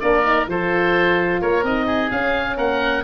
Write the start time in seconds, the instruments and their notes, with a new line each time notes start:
0.00 tuba A#3, horn D4, oboe A#4 D5
0.24 horn D#4
0.47 tuba F3, horn F4, oboe A4 C5
1.41 tuba A#3, oboe A#4 C#5
1.63 tuba C4, horn D#4, oboe D#5
1.86 oboe G#4
2.11 horn C#4, tuba C#4, oboe F5
2.56 tuba A#3, oboe A#4 F#5